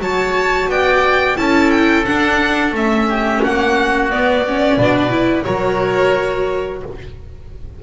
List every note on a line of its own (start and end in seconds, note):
0.00 0.68 F#3
0.00 1.37 F#4
0.00 0.70 C#5
0.00 0.70 A5
0.68 1.37 B3
0.68 1.38 D5
0.68 1.37 G5
1.37 2.06 C#4
1.37 2.05 E4
1.37 3.09 A4
1.37 1.71 A5
1.71 2.05 G5
2.06 2.75 D4
2.06 2.72 D4
2.06 2.74 F#5
2.72 3.40 A3
2.72 4.11 C#4
2.72 3.44 E5
3.09 3.43 G4
3.43 4.12 A#3
3.43 4.76 F#4
3.43 4.11 F#5
4.11 4.46 B3
4.11 4.78 B3
4.11 5.44 D5
4.48 4.80 C#4
4.76 5.46 B2
4.76 5.10 D4
4.76 5.45 B4
5.10 5.44 E4
5.44 6.83 F#3
5.44 6.82 F#4
5.44 6.81 A#4
5.44 6.81 C#5